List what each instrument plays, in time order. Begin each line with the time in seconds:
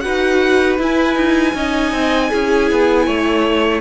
0.00 cello D#4, viola F#4, violin B4 F#5
0.78 cello E4, viola E4, violin G#5
1.15 cello D#4
1.54 cello C#4, viola D#4, violin D#5
1.91 cello C4
2.30 cello C#4, viola E4, violin G#4
2.71 cello B3
3.06 cello A3, violin C#5